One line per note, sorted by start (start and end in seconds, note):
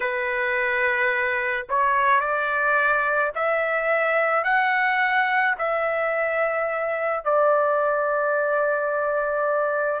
0.00 1.66 B4
1.69 2.20 C#5
2.20 3.31 D5
3.35 4.43 E5
4.43 5.55 F#5
5.58 7.24 E5
7.24 10.00 D5